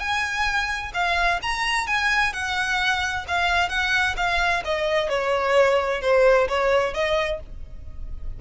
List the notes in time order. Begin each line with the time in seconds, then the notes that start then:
0.00 G#5
0.94 F5
1.43 A#5
1.87 G#5
2.33 F#5
3.28 F5
3.70 F#5
4.17 F5
4.65 D#5
5.10 C#5
6.02 C5
6.48 C#5
6.94 D#5